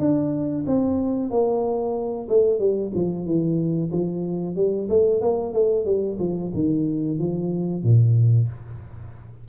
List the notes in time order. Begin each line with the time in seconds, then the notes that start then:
0.00 D4
0.67 C4
1.31 A#3
2.29 A3
2.59 G3
2.95 F3
3.26 E3
3.92 F3
4.56 G3
4.90 A3
5.22 A#3
5.53 A3
5.85 G3
6.20 F3
6.54 D#3
7.19 F3
7.84 A#2